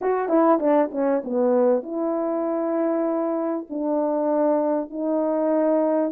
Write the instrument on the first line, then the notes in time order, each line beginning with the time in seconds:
horn
0.01 F#4
0.28 E4
0.59 D4
0.91 C#4
1.24 B3
1.82 E4
3.69 D4
4.90 D#4